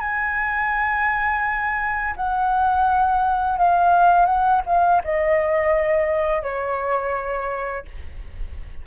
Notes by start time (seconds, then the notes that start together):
0.00 G#5
2.16 F#5
3.58 F5
4.26 F#5
4.66 F5
5.04 D#5
6.42 C#5